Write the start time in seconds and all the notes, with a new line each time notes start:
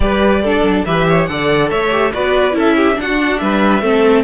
0.00 G3 G4 B4 D5
0.42 D4 A4
0.62 F#3
0.85 E3 G4 B4 E5
1.08 C#5
1.26 D3 A4 D5 F#5
1.70 A3 C#5 E5
1.90 G4
2.13 B3 F#4 B4 D5
2.51 C#4 E4 A4
2.59 E5
2.76 G4
2.95 D4 F#5
3.02 F#4
3.38 G3 B4 E5
3.81 A3 C4 A4